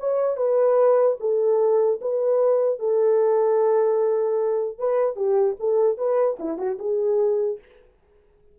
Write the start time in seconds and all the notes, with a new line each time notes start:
0.00 C#5
0.37 B4
1.21 A4
2.02 B4
2.80 A4
4.79 B4
5.17 G4
5.60 A4
5.98 B4
6.40 E4
6.59 F#4
6.79 G#4